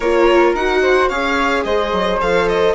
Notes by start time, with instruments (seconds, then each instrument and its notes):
0.00 bassoon A#3, viola F4, flute A#4, violin C#5
0.53 bassoon D#4, viola F#4, violin F#5
0.81 flute C5
1.08 bassoon C#4, viola G#4, flute C#5, violin F5
1.64 bassoon G#3, flute C5, violin D#5
1.92 bassoon F#3
2.21 bassoon F3, viola A4, violin F5
2.48 violin D#5